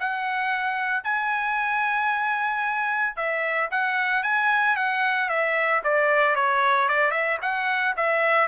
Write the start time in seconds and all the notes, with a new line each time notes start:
0.00 F#5
1.04 G#5
3.16 E5
3.71 F#5
4.23 G#5
4.76 F#5
5.29 E5
5.84 D5
6.35 C#5
6.89 D5
7.11 E5
7.42 F#5
7.97 E5